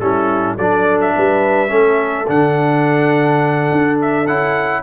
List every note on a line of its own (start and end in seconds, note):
0.00 0.57 G3
0.00 0.59 C#4
0.00 0.57 E4
0.00 0.57 A4
0.57 1.15 F#3
0.57 1.69 D4
0.57 1.13 A4
0.57 1.01 D5
1.02 2.29 E5
1.16 1.71 G3
1.16 1.71 B4
1.69 2.28 A3
1.69 2.26 C#4
1.69 4.82 A4
2.28 3.71 D3
2.28 4.26 D4
2.28 4.00 F#5
3.72 4.28 D4
4.01 4.27 E5
4.27 4.83 C#4
4.27 4.83 E4
4.27 4.83 F#5